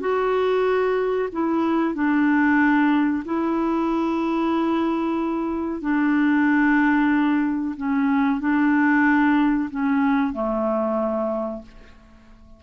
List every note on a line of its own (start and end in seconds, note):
0.00 1.29 F#4
1.32 1.94 E4
1.94 3.23 D4
3.25 5.82 E4
5.82 7.75 D4
7.77 8.40 C#4
8.40 9.69 D4
9.70 10.33 C#4
10.33 11.62 A3